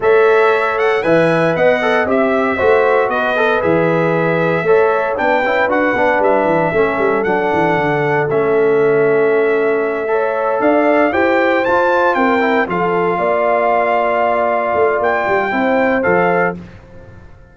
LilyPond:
<<
  \new Staff \with { instrumentName = "trumpet" } { \time 4/4 \tempo 4 = 116 e''4. fis''8 gis''4 fis''4 | e''2 dis''4 e''4~ | e''2 g''4 fis''4 | e''2 fis''2 |
e''1~ | e''8 f''4 g''4 a''4 g''8~ | g''8 f''2.~ f''8~ | f''4 g''2 f''4 | }
  \new Staff \with { instrumentName = "horn" } { \time 4/4 cis''2 e''4 dis''4 | e''4 c''4 b'2~ | b'4 cis''4 b'2~ | b'4 a'2.~ |
a'2.~ a'8 cis''8~ | cis''8 d''4 c''2 ais'8~ | ais'8 a'4 d''2~ d''8~ | d''2 c''2 | }
  \new Staff \with { instrumentName = "trombone" } { \time 4/4 a'2 b'4. a'8 | g'4 fis'4. a'8 gis'4~ | gis'4 a'4 d'8 e'8 fis'8 d'8~ | d'4 cis'4 d'2 |
cis'2.~ cis'8 a'8~ | a'4. g'4 f'4. | e'8 f'2.~ f'8~ | f'2 e'4 a'4 | }
  \new Staff \with { instrumentName = "tuba" } { \time 4/4 a2 e4 b4 | c'4 a4 b4 e4~ | e4 a4 b8 cis'8 d'8 b8 | g8 e8 a8 g8 fis8 e8 d4 |
a1~ | a8 d'4 e'4 f'4 c'8~ | c'8 f4 ais2~ ais8~ | ais8 a8 ais8 g8 c'4 f4 | }
>>